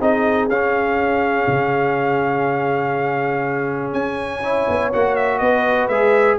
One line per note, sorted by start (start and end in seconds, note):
0.00 0.48 C4
0.00 0.49 D#4
0.00 4.40 G#4
0.00 0.49 D#5
0.48 1.46 C#4
0.48 4.43 C#4
0.48 3.93 F5
1.47 3.92 C#3
3.92 4.66 C#4
3.92 4.91 G#5
4.40 4.92 E4
4.40 5.39 C#5
4.68 4.93 B3
4.92 5.40 A#3
4.92 5.91 F#4
4.92 5.15 F#5
5.15 5.38 E5
5.38 5.88 B3
5.38 6.38 B4
5.38 5.87 D#5
5.88 6.37 G#3
5.88 6.38 G#4
5.88 6.37 E5